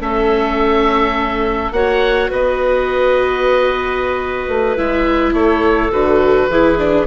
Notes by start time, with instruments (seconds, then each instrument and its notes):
0.00 bassoon A3, viola C#4, clarinet A4, oboe E5
1.72 bassoon A#3, viola F#4, clarinet C#5, oboe F#5
2.30 bassoon B3, clarinet B4, oboe D#5
4.48 bassoon A3
4.77 bassoon G#3, viola E4, oboe E5
5.33 bassoon A3, clarinet A4, oboe C#5
5.92 bassoon D3, viola F#4, oboe B4
6.48 bassoon E3, viola E4, clarinet G#4
6.79 viola D4